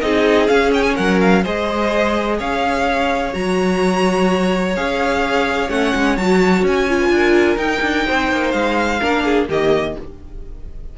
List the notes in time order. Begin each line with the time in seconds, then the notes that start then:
0.00 C4 D#4 G#4 D#5
0.48 C#4 F5
0.74 G5
0.83 G#5
0.94 F#3 A#4 F#5
1.20 F5
1.43 G#3 G#4 C5 D#5
2.38 C#4 C#5 F5
3.33 F#3 F#4 A#5
4.76 C#4 G#4 F5
5.69 A3 C#4 F#5
5.95 G#3
6.17 F#3 F#4 A5
6.63 C#4 G#5
6.89 F4
6.99 B4
7.09 D4 A#4
7.57 D#4 G5
7.81 D4
8.07 C4 C5
8.32 A#3
8.51 G#3 F5
9.00 A#3 D4 A#4
9.24 G#4
9.49 D#3 A#3 G4 D#5